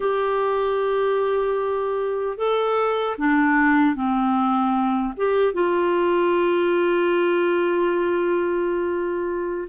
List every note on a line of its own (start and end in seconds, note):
0.00 2.37 G4
2.37 3.16 A4
3.18 3.95 D4
3.95 5.13 C4
5.16 5.53 G4
5.53 9.67 F4